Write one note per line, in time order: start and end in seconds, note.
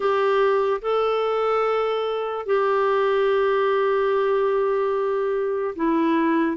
0.00 0.80 G4
0.81 2.45 A4
2.45 5.74 G4
5.75 6.56 E4